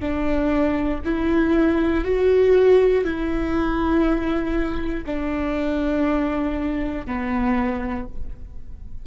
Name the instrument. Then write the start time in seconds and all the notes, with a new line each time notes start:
viola
0.00 D4
1.05 E4
2.05 F#4
3.05 E4
5.06 D4
7.06 B3